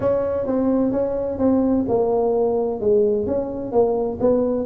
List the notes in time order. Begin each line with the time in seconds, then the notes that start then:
0.00 C#4
0.46 C4
0.92 C#4
1.38 C4
1.88 A#3
2.80 G#3
3.26 C#4
3.72 A#3
4.20 B3